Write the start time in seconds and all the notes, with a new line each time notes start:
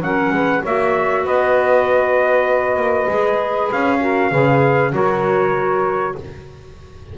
0.00 F#3 C#4 A#4 F#5
0.30 G#3 B4
0.61 A#3 F#4 C#5 E5
1.24 B3 B4 D#5
2.76 A#3
3.08 G#3 G#4
3.72 C#4 F5
3.99 F#4 A#4
4.30 C#3 G#4 B4
4.92 F#3 F#4 A#4 C#5